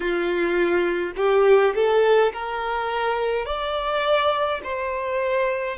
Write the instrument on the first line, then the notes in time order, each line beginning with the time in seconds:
violin
0.00 F4
1.16 G4
1.74 A4
2.32 A#4
3.45 D5
4.63 C5